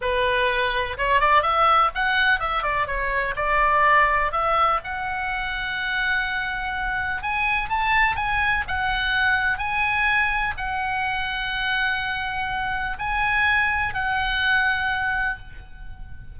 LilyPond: \new Staff \with { instrumentName = "oboe" } { \time 4/4 \tempo 4 = 125 b'2 cis''8 d''8 e''4 | fis''4 e''8 d''8 cis''4 d''4~ | d''4 e''4 fis''2~ | fis''2. gis''4 |
a''4 gis''4 fis''2 | gis''2 fis''2~ | fis''2. gis''4~ | gis''4 fis''2. | }